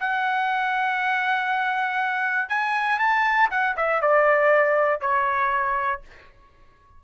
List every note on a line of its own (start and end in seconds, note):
0.00 2.49 F#5
2.49 2.99 G#5
2.99 3.50 A5
3.51 3.76 F#5
3.77 4.02 E5
4.02 5.01 D5
5.01 6.02 C#5